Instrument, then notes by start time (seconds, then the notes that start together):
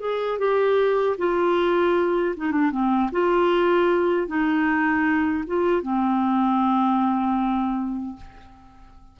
clarinet
0.00 G#4
0.39 G4
1.18 F4
2.37 D#4
2.51 D4
2.71 C4
3.12 F4
4.27 D#4
5.47 F4
5.82 C4